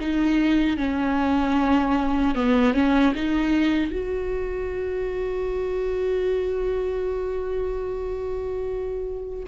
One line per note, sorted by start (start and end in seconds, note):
0.00 0.77 D#4
0.77 2.35 C#4
2.35 2.74 B3
2.74 3.13 C#4
3.15 3.91 D#4
3.91 9.44 F#4